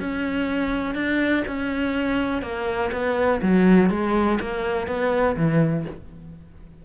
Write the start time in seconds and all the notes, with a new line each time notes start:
0.00 C#4
0.95 D4
1.47 C#4
2.42 A#3
2.92 B3
3.42 F#3
3.90 G#3
4.41 A#3
4.87 B3
5.36 E3